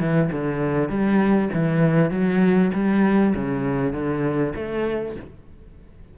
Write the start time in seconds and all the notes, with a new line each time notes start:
0.00 E3
0.32 D3
0.89 G3
1.53 E3
2.11 F#3
2.74 G3
3.35 C#3
3.93 D3
4.55 A3